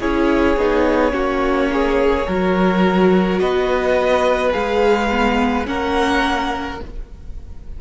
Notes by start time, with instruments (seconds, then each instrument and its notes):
0.00 cello C#4, viola E4, violin G#4 C#5
0.57 cello B3, viola D#4
1.11 cello A#3, viola C#4, violin F#4
1.73 violin G#4
2.28 cello F#3, viola F#4, violin A#4
3.39 cello B3, violin B4 D#5
4.51 cello G#3, viola G#4, violin F5
5.11 viola B3
5.66 cello A#3, viola C#4, violin A#4 F#5